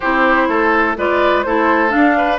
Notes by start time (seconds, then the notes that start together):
0.00 C4 E4 G4 C5
0.48 A3 A4
0.97 G#3 F4 B4 D5
1.42 A3 E4 A4 C5
1.89 D4 F5
2.17 B4